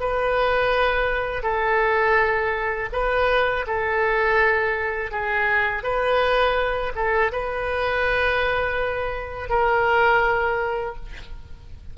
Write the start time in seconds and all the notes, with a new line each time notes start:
0.00 B4
1.43 A4
2.93 B4
3.67 A4
5.11 G#4
5.83 B4
6.95 A4
7.32 B4
9.50 A#4